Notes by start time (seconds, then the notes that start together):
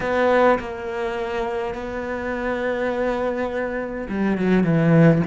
0.00 B3
0.59 A#3
1.74 B3
4.09 G3
4.37 F#3
4.63 E3